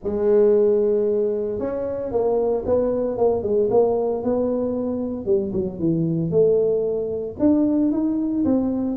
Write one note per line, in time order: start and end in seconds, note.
0.03 1.59 G#3
1.59 2.11 C#4
2.11 2.64 A#3
2.65 3.17 B3
3.17 3.43 A#3
3.43 3.69 G#3
3.70 4.23 A#3
4.23 5.25 B3
5.25 5.51 G3
5.52 5.79 F#3
5.79 6.30 E3
6.30 7.35 A3
7.39 7.91 D4
7.91 8.44 D#4
8.44 8.96 C4